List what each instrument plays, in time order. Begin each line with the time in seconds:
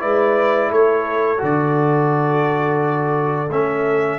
0.00 tuba G#3, trombone E4, horn B4, trumpet D5
0.70 tuba A3, horn A4, trumpet C#5
1.39 tuba D3, trombone F#4, trumpet D5
3.50 tuba A3, trombone C#4, trumpet E5